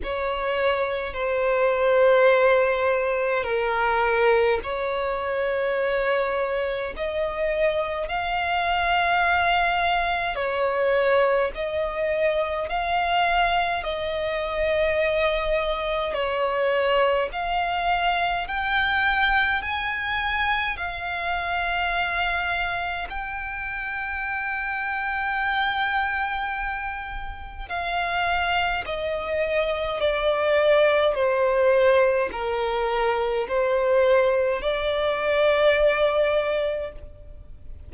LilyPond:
\new Staff \with { instrumentName = "violin" } { \time 4/4 \tempo 4 = 52 cis''4 c''2 ais'4 | cis''2 dis''4 f''4~ | f''4 cis''4 dis''4 f''4 | dis''2 cis''4 f''4 |
g''4 gis''4 f''2 | g''1 | f''4 dis''4 d''4 c''4 | ais'4 c''4 d''2 | }